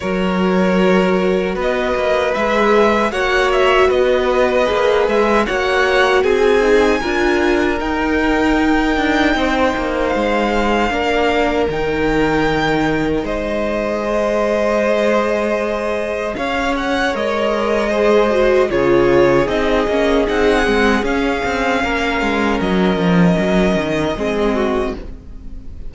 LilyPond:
<<
  \new Staff \with { instrumentName = "violin" } { \time 4/4 \tempo 4 = 77 cis''2 dis''4 e''4 | fis''8 e''8 dis''4. e''8 fis''4 | gis''2 g''2~ | g''4 f''2 g''4~ |
g''4 dis''2.~ | dis''4 f''8 fis''8 dis''2 | cis''4 dis''4 fis''4 f''4~ | f''4 dis''2. | }
  \new Staff \with { instrumentName = "violin" } { \time 4/4 ais'2 b'2 | cis''4 b'2 cis''4 | gis'4 ais'2. | c''2 ais'2~ |
ais'4 c''2.~ | c''4 cis''2 c''4 | gis'1 | ais'2. gis'8 fis'8 | }
  \new Staff \with { instrumentName = "viola" } { \time 4/4 fis'2. gis'4 | fis'2 gis'4 fis'4~ | fis'8 dis'8 f'4 dis'2~ | dis'2 d'4 dis'4~ |
dis'2 gis'2~ | gis'2 ais'4 gis'8 fis'8 | f'4 dis'8 cis'8 dis'8 c'8 cis'4~ | cis'2. c'4 | }
  \new Staff \with { instrumentName = "cello" } { \time 4/4 fis2 b8 ais8 gis4 | ais4 b4 ais8 gis8 ais4 | c'4 d'4 dis'4. d'8 | c'8 ais8 gis4 ais4 dis4~ |
dis4 gis2.~ | gis4 cis'4 gis2 | cis4 c'8 ais8 c'8 gis8 cis'8 c'8 | ais8 gis8 fis8 f8 fis8 dis8 gis4 | }
>>